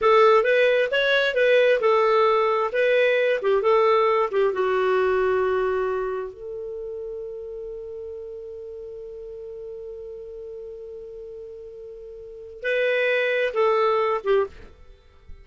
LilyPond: \new Staff \with { instrumentName = "clarinet" } { \time 4/4 \tempo 4 = 133 a'4 b'4 cis''4 b'4 | a'2 b'4. g'8 | a'4. g'8 fis'2~ | fis'2 a'2~ |
a'1~ | a'1~ | a'1 | b'2 a'4. g'8 | }